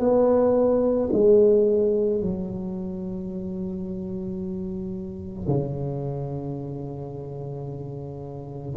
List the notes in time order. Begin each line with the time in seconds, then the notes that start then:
0.00 B3
1.13 G#3
2.22 F#3
5.48 C#3